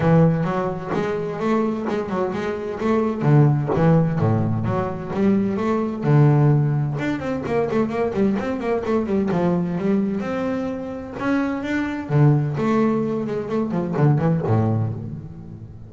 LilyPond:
\new Staff \with { instrumentName = "double bass" } { \time 4/4 \tempo 4 = 129 e4 fis4 gis4 a4 | gis8 fis8 gis4 a4 d4 | e4 a,4 fis4 g4 | a4 d2 d'8 c'8 |
ais8 a8 ais8 g8 c'8 ais8 a8 g8 | f4 g4 c'2 | cis'4 d'4 d4 a4~ | a8 gis8 a8 f8 d8 e8 a,4 | }